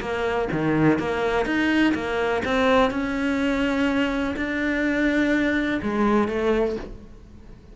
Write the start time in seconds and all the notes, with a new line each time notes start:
0.00 A#3
0.51 D#3
0.98 A#3
1.45 D#4
1.94 A#3
2.44 C4
2.90 C#4
4.36 D4
5.82 G#3
6.28 A3